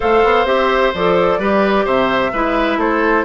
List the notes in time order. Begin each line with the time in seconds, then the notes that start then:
0.00 A3 A4 C5 F5
0.23 B3
0.45 C4 G4 E5
0.94 F3 A4 D5
1.38 G3 G4 B4
1.84 C3 C5 E5
2.33 G#3 E4 B4
2.77 A3 A4 C5